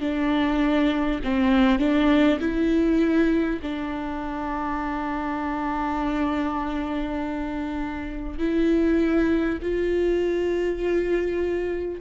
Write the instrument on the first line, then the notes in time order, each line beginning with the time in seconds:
viola
0.00 D4
1.23 C4
1.79 D4
2.39 E4
3.62 D4
8.38 E4
9.61 F4